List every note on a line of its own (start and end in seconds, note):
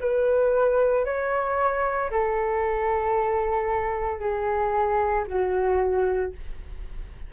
0.00 1.05 B4
1.05 2.10 C#5
2.11 4.20 A4
4.20 5.25 G#4
5.27 6.32 F#4